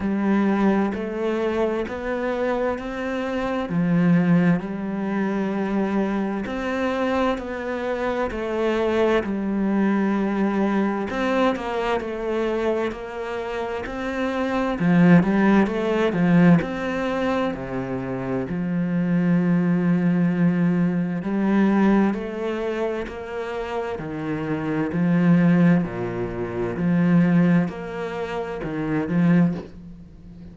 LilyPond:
\new Staff \with { instrumentName = "cello" } { \time 4/4 \tempo 4 = 65 g4 a4 b4 c'4 | f4 g2 c'4 | b4 a4 g2 | c'8 ais8 a4 ais4 c'4 |
f8 g8 a8 f8 c'4 c4 | f2. g4 | a4 ais4 dis4 f4 | ais,4 f4 ais4 dis8 f8 | }